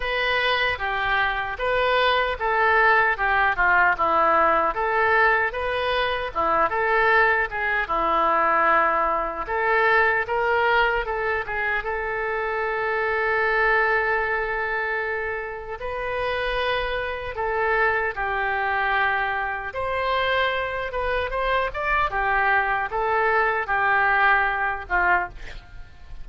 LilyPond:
\new Staff \with { instrumentName = "oboe" } { \time 4/4 \tempo 4 = 76 b'4 g'4 b'4 a'4 | g'8 f'8 e'4 a'4 b'4 | e'8 a'4 gis'8 e'2 | a'4 ais'4 a'8 gis'8 a'4~ |
a'1 | b'2 a'4 g'4~ | g'4 c''4. b'8 c''8 d''8 | g'4 a'4 g'4. f'8 | }